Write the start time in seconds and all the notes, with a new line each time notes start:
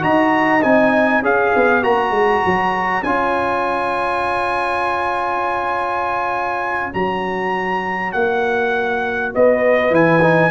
0.00 D#4 F#4 D#5 A#5
0.62 C4 D#4 G#5
1.22 C#4 G#4 C#5 F5
1.55 B3
1.82 A#3 F#4 A#5
2.10 G#3
2.45 F#3
3.03 C#4 F4 G#5
6.92 F#3 F#4 A#5
8.12 A#3 F#5
9.34 B3 B4 D#5
9.90 E3 E4 G#5
10.21 D#4